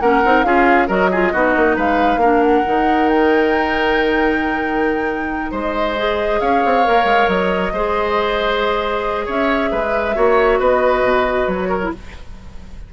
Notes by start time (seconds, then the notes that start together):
0.00 A#3 C#4 A#4 F#5
0.25 C4 D#4
0.43 C#4 F4 G#4 F5
0.87 F#3 F#4 A#4 D#5
1.11 F4 G#4
1.32 B3 D#4 F#4
1.56 A#3
1.76 G#3 B4 F5
2.16 A#3 D4 A#4
2.43 F#5
2.65 D#3 D#4
3.09 G5
5.51 G#3 C5 D#5
5.97 G#4
6.40 C#4 C#5 F5
6.65 C4
6.84 A#3 A#4
7.04 G#3
7.27 F#3 D#5
7.72 G#3 G#4 C5
9.25 C#4 C#5 E5
9.71 G#3 B4
10.15 A#3 F#4 C#5
10.59 B3 B4 D#5
11.03 B2
11.47 F#3 C#5
11.68 A#4
11.82 E4